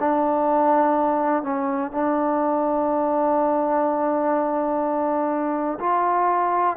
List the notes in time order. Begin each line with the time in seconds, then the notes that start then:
0.00 D4
1.43 C#4
1.91 D4
5.80 F4